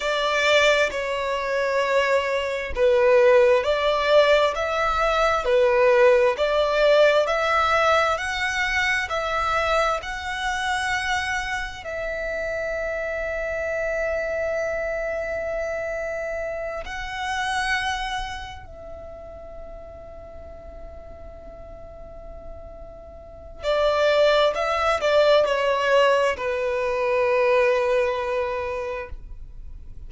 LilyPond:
\new Staff \with { instrumentName = "violin" } { \time 4/4 \tempo 4 = 66 d''4 cis''2 b'4 | d''4 e''4 b'4 d''4 | e''4 fis''4 e''4 fis''4~ | fis''4 e''2.~ |
e''2~ e''8 fis''4.~ | fis''8 e''2.~ e''8~ | e''2 d''4 e''8 d''8 | cis''4 b'2. | }